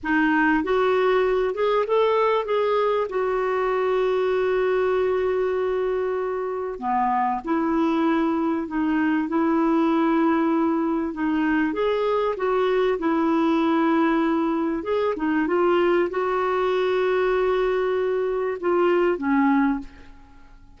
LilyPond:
\new Staff \with { instrumentName = "clarinet" } { \time 4/4 \tempo 4 = 97 dis'4 fis'4. gis'8 a'4 | gis'4 fis'2.~ | fis'2. b4 | e'2 dis'4 e'4~ |
e'2 dis'4 gis'4 | fis'4 e'2. | gis'8 dis'8 f'4 fis'2~ | fis'2 f'4 cis'4 | }